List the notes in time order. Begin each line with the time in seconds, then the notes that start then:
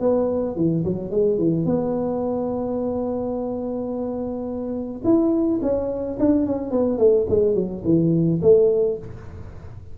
0.00 B3
0.56 E3
0.84 F#3
1.11 G#3
1.38 E3
1.66 B3
5.04 E4
5.62 C#4
6.20 D4
6.46 C#4
6.71 B3
6.98 A3
7.29 G#3
7.55 F#3
7.85 E3
8.42 A3